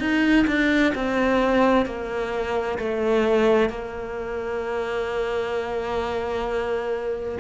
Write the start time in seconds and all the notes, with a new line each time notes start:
0.00 D#4
0.47 D4
0.95 C4
1.86 A#3
2.79 A3
3.70 A#3